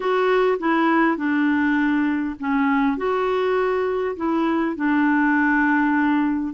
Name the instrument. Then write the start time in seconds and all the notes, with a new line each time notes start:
clarinet
0.00 F#4
0.59 E4
1.17 D4
2.39 C#4
2.97 F#4
4.16 E4
4.76 D4